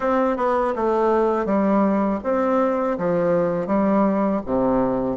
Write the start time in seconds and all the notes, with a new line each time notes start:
0.00 C4
0.37 B3
0.75 A3
1.45 G3
2.23 C4
2.98 F3
3.67 G3
4.45 C3